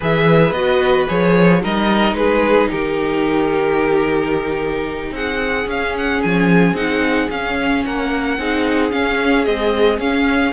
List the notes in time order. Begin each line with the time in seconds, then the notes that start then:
0.00 E3 G#4 B4 E5
0.51 B3 F#4 D#5
1.08 F3 G#4 C#5
1.61 G3 D#4 A#4 D#5
2.13 G#3 G#4 B4
2.70 D#3 G4 A#4
5.11 C4 G#4 F#5
5.66 C#4 F5
5.97 F#5
6.22 F3 G#5
6.73 C4 D#4 F#5
7.30 C#4 F5
7.85 A#3 A#4 F#5
8.38 C4 D#4 G#4
8.91 C#4 F5
9.45 G#3 C4 D#5
9.98 C#4 F5